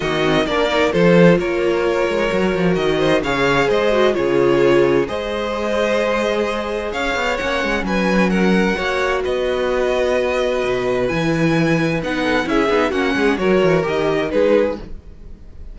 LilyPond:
<<
  \new Staff \with { instrumentName = "violin" } { \time 4/4 \tempo 4 = 130 dis''4 d''4 c''4 cis''4~ | cis''2 dis''4 f''4 | dis''4 cis''2 dis''4~ | dis''2. f''4 |
fis''4 gis''4 fis''2 | dis''1 | gis''2 fis''4 e''4 | fis''4 cis''4 dis''4 b'4 | }
  \new Staff \with { instrumentName = "violin" } { \time 4/4 fis'4 ais'4 a'4 ais'4~ | ais'2~ ais'8 c''8 cis''4 | c''4 gis'2 c''4~ | c''2. cis''4~ |
cis''4 b'4 ais'4 cis''4 | b'1~ | b'2~ b'8 a'8 gis'4 | fis'8 gis'8 ais'2 gis'4 | }
  \new Staff \with { instrumentName = "viola" } { \time 4/4 ais8 c'8 d'8 dis'8 f'2~ | f'4 fis'2 gis'4~ | gis'8 fis'8 f'2 gis'4~ | gis'1 |
cis'2. fis'4~ | fis'1 | e'2 dis'4 e'8 dis'8 | cis'4 fis'4 g'4 dis'4 | }
  \new Staff \with { instrumentName = "cello" } { \time 4/4 dis4 ais4 f4 ais4~ | ais8 gis8 fis8 f8 dis4 cis4 | gis4 cis2 gis4~ | gis2. cis'8 b8 |
ais8 gis8 fis2 ais4 | b2. b,4 | e2 b4 cis'8 b8 | ais8 gis8 fis8 e8 dis4 gis4 | }
>>